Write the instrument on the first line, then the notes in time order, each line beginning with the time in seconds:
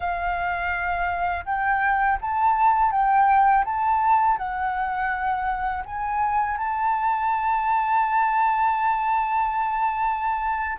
flute
0.00 F5
1.45 G5
2.21 A5
2.91 G5
3.64 A5
4.37 F#5
5.85 G#5
6.57 A5